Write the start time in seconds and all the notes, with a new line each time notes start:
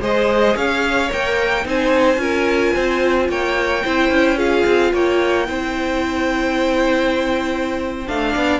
0.00 G#3 G#4 C5 D#5
0.56 C#4 C#5 F5
1.09 A#3 A#4 G5
1.64 C4 D#4 C5 G#5
2.16 C#4 F4 A#4
2.73 C4 C5
3.28 A#3 C#5 G5
3.84 C4 E4 C5
4.09 C#4
4.37 F4 G#4 F5
4.65 C4
4.92 A#3 C#5 G5
5.45 C4 E4 C5
8.07 A3 D4 F5
8.33 B3 D5